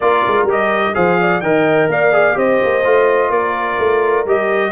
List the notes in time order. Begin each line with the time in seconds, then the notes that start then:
0.00 A#3 F4 A#4 D5
0.27 G#3
0.44 G3 G4
0.51 D#5
0.93 F3 G#4 C5 F5
1.20 D5
1.40 D#3 A#4 D#5 G5
1.87 A#3 D5 F5
2.12 G#4
2.33 C4 G4 C5 D#5
2.63 A#3
2.84 A3 F4
3.29 A#3 A#4 D5
3.78 A3
4.25 G3 G4 D#5